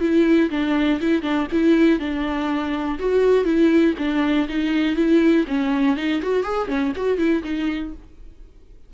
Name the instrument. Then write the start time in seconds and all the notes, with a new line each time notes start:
viola
0.00 E4
0.50 D4
1.00 E4
1.22 D4
1.52 E4
1.99 D4
2.98 F#4
3.44 E4
3.98 D4
4.48 D#4
4.95 E4
5.47 C#4
5.96 D#4
6.21 F#4
6.43 G#4
6.67 C#4
6.96 F#4
7.18 E4
7.43 D#4